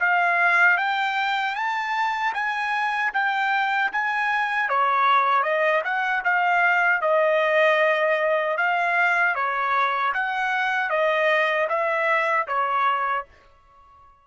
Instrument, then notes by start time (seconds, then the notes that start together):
trumpet
0.00 F5
0.78 G5
1.55 A5
2.34 G#5
3.14 G5
3.92 G#5
4.69 C#5
5.43 D#5
5.84 F#5
6.24 F5
7.02 D#5
8.57 F5
9.35 C#5
10.14 F#5
10.90 D#5
11.69 E5
12.47 C#5